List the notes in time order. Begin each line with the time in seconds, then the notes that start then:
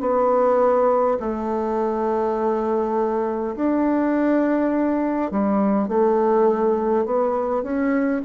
0.00 B3
1.20 A3
3.56 D4
5.30 G3
5.88 A3
7.05 B3
7.63 C#4